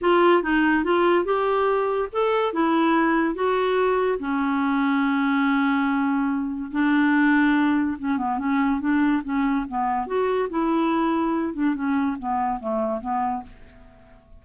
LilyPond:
\new Staff \with { instrumentName = "clarinet" } { \time 4/4 \tempo 4 = 143 f'4 dis'4 f'4 g'4~ | g'4 a'4 e'2 | fis'2 cis'2~ | cis'1 |
d'2. cis'8 b8 | cis'4 d'4 cis'4 b4 | fis'4 e'2~ e'8 d'8 | cis'4 b4 a4 b4 | }